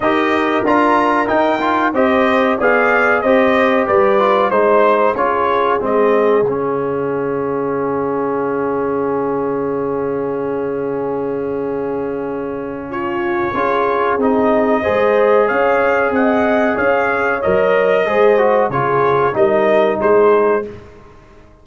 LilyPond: <<
  \new Staff \with { instrumentName = "trumpet" } { \time 4/4 \tempo 4 = 93 dis''4 ais''4 g''4 dis''4 | f''4 dis''4 d''4 c''4 | cis''4 dis''4 f''2~ | f''1~ |
f''1 | cis''2 dis''2 | f''4 fis''4 f''4 dis''4~ | dis''4 cis''4 dis''4 c''4 | }
  \new Staff \with { instrumentName = "horn" } { \time 4/4 ais'2. c''4 | d''4 c''4 b'4 c''4 | gis'1~ | gis'1~ |
gis'1 | f'4 gis'2 c''4 | cis''4 dis''4 cis''2 | c''4 gis'4 ais'4 gis'4 | }
  \new Staff \with { instrumentName = "trombone" } { \time 4/4 g'4 f'4 dis'8 f'8 g'4 | gis'4 g'4. f'8 dis'4 | f'4 c'4 cis'2~ | cis'1~ |
cis'1~ | cis'4 f'4 dis'4 gis'4~ | gis'2. ais'4 | gis'8 fis'8 f'4 dis'2 | }
  \new Staff \with { instrumentName = "tuba" } { \time 4/4 dis'4 d'4 dis'4 c'4 | b4 c'4 g4 gis4 | cis'4 gis4 cis2~ | cis1~ |
cis1~ | cis4 cis'4 c'4 gis4 | cis'4 c'4 cis'4 fis4 | gis4 cis4 g4 gis4 | }
>>